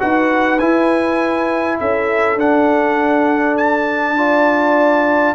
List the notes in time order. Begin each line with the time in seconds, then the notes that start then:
0.00 D#4 F#4 B4 F#5
0.60 E4 G#5
1.80 C#4 A4 E5
2.36 D4 F#5
3.58 A5
4.17 F4 D5